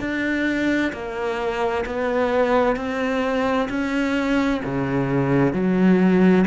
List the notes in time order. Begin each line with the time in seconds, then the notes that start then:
0.00 D4
0.92 A#3
1.85 B3
2.76 C4
3.69 C#4
4.65 C#3
5.53 F#3